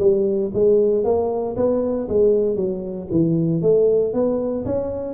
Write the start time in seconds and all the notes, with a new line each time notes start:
0.00 G3
0.54 G#3
1.04 A#3
1.56 B3
2.09 G#3
2.56 F#3
3.11 E3
3.62 A3
4.14 B3
4.66 C#4